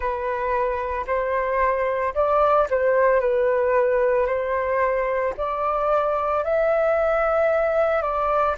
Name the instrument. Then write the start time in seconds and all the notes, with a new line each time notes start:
flute
0.00 B4
1.07 C5
2.14 D5
2.69 C5
3.20 B4
4.26 C5
5.37 D5
6.44 E5
8.02 D5